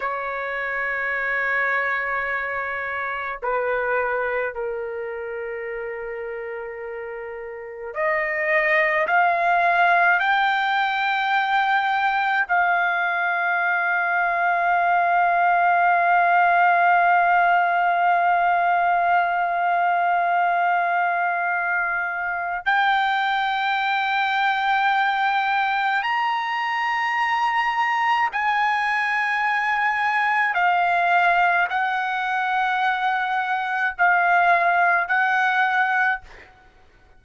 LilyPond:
\new Staff \with { instrumentName = "trumpet" } { \time 4/4 \tempo 4 = 53 cis''2. b'4 | ais'2. dis''4 | f''4 g''2 f''4~ | f''1~ |
f''1 | g''2. ais''4~ | ais''4 gis''2 f''4 | fis''2 f''4 fis''4 | }